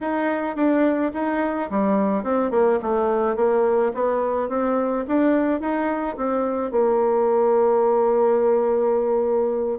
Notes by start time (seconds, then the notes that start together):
0.01 D#4
0.56 D4
1.13 D#4
1.70 G3
2.23 C4
2.51 A#3
2.82 A3
3.36 A#3
3.94 B3
4.49 C4
5.07 D4
5.60 D#4
6.16 C4
6.71 A#3